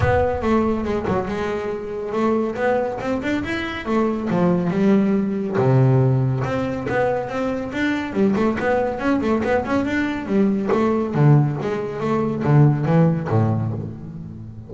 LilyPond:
\new Staff \with { instrumentName = "double bass" } { \time 4/4 \tempo 4 = 140 b4 a4 gis8 fis8 gis4~ | gis4 a4 b4 c'8 d'8 | e'4 a4 f4 g4~ | g4 c2 c'4 |
b4 c'4 d'4 g8 a8 | b4 cis'8 a8 b8 cis'8 d'4 | g4 a4 d4 gis4 | a4 d4 e4 a,4 | }